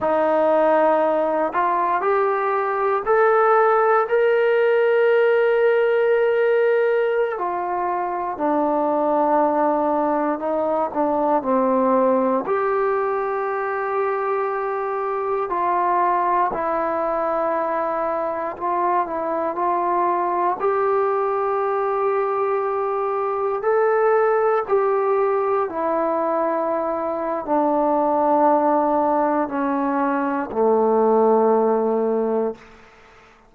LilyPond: \new Staff \with { instrumentName = "trombone" } { \time 4/4 \tempo 4 = 59 dis'4. f'8 g'4 a'4 | ais'2.~ ais'16 f'8.~ | f'16 d'2 dis'8 d'8 c'8.~ | c'16 g'2. f'8.~ |
f'16 e'2 f'8 e'8 f'8.~ | f'16 g'2. a'8.~ | a'16 g'4 e'4.~ e'16 d'4~ | d'4 cis'4 a2 | }